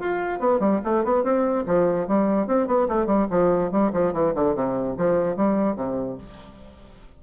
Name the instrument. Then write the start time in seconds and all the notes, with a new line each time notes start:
bassoon
0.00 F4
0.39 B3
0.60 G3
0.84 A3
1.05 B3
1.24 C4
1.66 F3
2.08 G3
2.47 C4
2.67 B3
2.89 A3
3.07 G3
3.31 F3
3.72 G3
3.93 F3
4.13 E3
4.35 D3
4.55 C3
4.98 F3
5.36 G3
5.76 C3